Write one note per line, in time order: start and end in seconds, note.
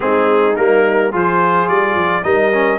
0.00 0.57 G#3
0.00 0.54 C4
0.00 1.09 D#4
0.00 0.56 G#4
0.56 1.13 G3
0.56 1.12 A#3
0.56 1.12 A#4
1.09 1.68 F3
1.09 2.23 F4
1.09 2.22 G#4
1.09 1.68 C5
1.68 1.95 G3
1.68 2.23 D5
1.95 2.23 F3
2.23 2.79 G3
2.23 2.51 D#4
2.23 2.79 A#4
2.23 2.79 D#5
2.52 2.79 C#4